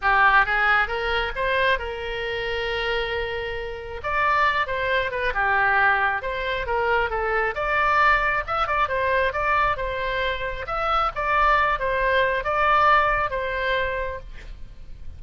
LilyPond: \new Staff \with { instrumentName = "oboe" } { \time 4/4 \tempo 4 = 135 g'4 gis'4 ais'4 c''4 | ais'1~ | ais'4 d''4. c''4 b'8 | g'2 c''4 ais'4 |
a'4 d''2 e''8 d''8 | c''4 d''4 c''2 | e''4 d''4. c''4. | d''2 c''2 | }